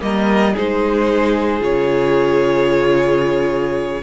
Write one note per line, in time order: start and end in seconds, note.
0.00 0.55 G3
0.00 0.54 A#3
0.00 0.54 A#4
0.00 0.55 D#5
0.54 1.61 G#3
0.54 1.60 D#4
0.54 4.02 G#4
0.54 1.63 C5
1.60 4.02 C#3
1.60 4.01 F4
1.60 4.03 C#5